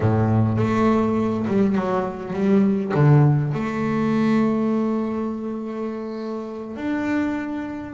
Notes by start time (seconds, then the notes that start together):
0.00 A2
0.57 A3
1.47 G3
1.75 F#3
2.33 G3
2.94 D3
3.53 A3
6.76 D4